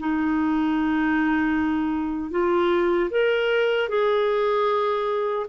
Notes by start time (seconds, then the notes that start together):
0.00 D#4
2.31 F4
3.11 A#4
3.89 G#4